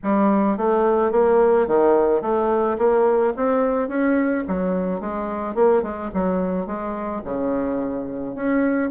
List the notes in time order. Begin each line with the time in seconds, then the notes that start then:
0.03 G3
0.57 A3
1.11 A#3
1.67 D#3
2.21 A3
2.78 A#3
3.36 C4
3.88 C#4
4.47 F#3
5.00 G#3
5.54 A#3
5.82 G#3
6.14 F#3
6.66 G#3
7.24 C#3
8.35 C#4